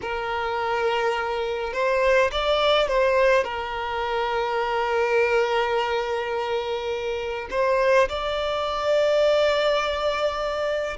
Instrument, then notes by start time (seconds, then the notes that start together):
violin
0.01 A#4
1.73 C5
2.31 D5
2.87 C5
3.44 A#4
7.50 C5
8.08 D5